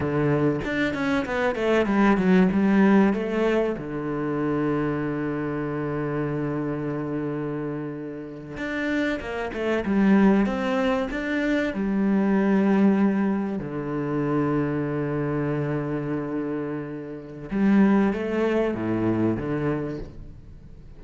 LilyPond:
\new Staff \with { instrumentName = "cello" } { \time 4/4 \tempo 4 = 96 d4 d'8 cis'8 b8 a8 g8 fis8 | g4 a4 d2~ | d1~ | d4.~ d16 d'4 ais8 a8 g16~ |
g8. c'4 d'4 g4~ g16~ | g4.~ g16 d2~ d16~ | d1 | g4 a4 a,4 d4 | }